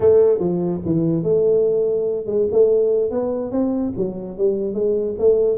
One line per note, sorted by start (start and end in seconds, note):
0.00 0.39 A3
0.39 0.80 F3
0.85 1.23 E3
1.23 2.26 A3
2.26 2.47 G#3
2.51 3.10 A3
3.10 3.51 B3
3.51 3.93 C4
3.96 4.37 F#3
4.37 4.73 G3
4.73 5.15 G#3
5.19 5.58 A3